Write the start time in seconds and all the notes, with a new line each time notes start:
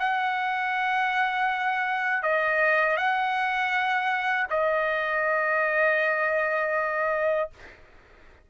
0.00 F#5
2.24 D#5
2.97 F#5
4.50 D#5